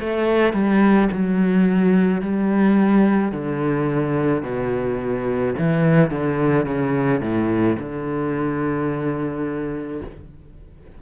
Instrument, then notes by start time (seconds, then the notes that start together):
cello
0.00 A3
0.54 G3
1.13 F#3
2.22 G3
3.32 D3
4.43 B2
5.59 E3
6.11 D3
6.66 C#3
7.21 A2
7.80 D3